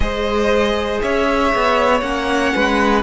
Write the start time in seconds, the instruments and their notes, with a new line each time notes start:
0.00 cello G#3, viola G#4, violin C5 D#5
1.01 cello C#4, violin C#5 E5
1.54 cello B3
2.00 cello A#3, viola C#4, violin F#5
2.54 cello G#3, violin B4